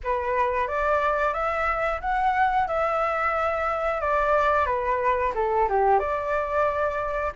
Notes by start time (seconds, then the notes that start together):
0.03 B4
0.67 D5
1.33 E5
2.01 F#5
2.67 E5
4.00 D5
4.65 B4
5.35 A4
5.68 G4
5.98 D5